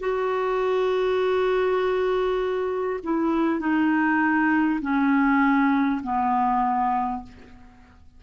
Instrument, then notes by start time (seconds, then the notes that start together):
clarinet
0.00 F#4
3.04 E4
3.60 D#4
4.82 C#4
6.03 B3